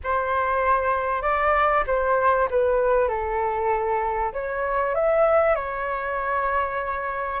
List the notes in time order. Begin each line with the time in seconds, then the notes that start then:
0.03 C5
1.22 D5
1.86 C5
2.50 B4
3.08 A4
4.32 C#5
4.95 E5
5.55 C#5